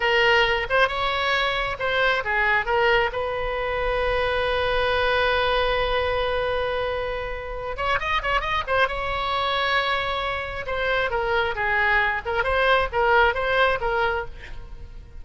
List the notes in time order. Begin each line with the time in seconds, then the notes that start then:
0.00 A#4
0.69 C5
0.88 C#5
1.79 C5
2.24 G#4
2.65 A#4
3.12 B4
7.76 C#5
7.99 D#5
8.22 C#5
8.40 D#5
8.67 C5
8.88 C#5
10.66 C5
11.10 A#4
11.55 G#4
12.25 A#4
12.43 C5
12.92 A#4
13.34 C5
13.80 A#4